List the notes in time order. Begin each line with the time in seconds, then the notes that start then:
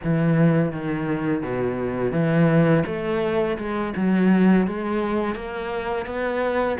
0.03 E3
0.72 D#3
1.42 B2
2.12 E3
2.86 A3
3.57 G#3
3.96 F#3
4.67 G#3
5.35 A#3
6.06 B3